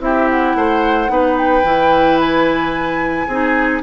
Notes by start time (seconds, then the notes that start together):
0.00 C4 E4 G4 E5
0.29 F#5
0.55 A3 C5
1.08 B3 D#4 B4
1.37 G5
1.63 E3 E4
2.20 G#5
3.27 C4 D#4 G#4